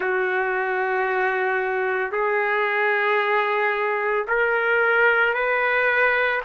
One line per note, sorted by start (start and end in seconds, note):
0.00 2.11 F#4
2.11 4.26 G#4
4.27 5.33 A#4
5.33 6.40 B4